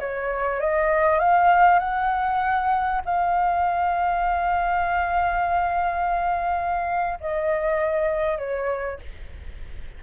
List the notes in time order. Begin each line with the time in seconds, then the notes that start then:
0.00 C#5
0.60 D#5
1.19 F5
1.79 F#5
3.05 F5
7.20 D#5
8.38 C#5